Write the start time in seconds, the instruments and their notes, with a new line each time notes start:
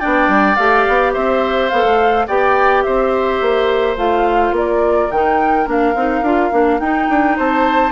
0.00 bassoon B3, clarinet D4, oboe D5, flute G5
0.28 bassoon G3
0.56 bassoon A3, clarinet G4, flute F5
0.88 bassoon B3
1.14 bassoon C4, oboe C5, flute E5
1.70 bassoon B3, clarinet A4, flute F5
1.85 bassoon A3
2.27 bassoon B3, clarinet G4, oboe D5, flute G5
2.83 bassoon C4, oboe C5, flute E5
3.42 bassoon A#3
3.97 bassoon A3, clarinet F4, flute F5
4.52 bassoon A#3, oboe A#4, flute D5
5.11 bassoon D#3, clarinet D#4, flute G5
5.66 bassoon A#3, clarinet D4, flute F5
5.95 bassoon C4, clarinet D#4
6.22 bassoon D4, clarinet F4
6.52 bassoon A#3, clarinet D4
6.80 bassoon D#4, clarinet D#4, flute G5
7.10 bassoon D4
7.37 bassoon C4, oboe C5, flute A5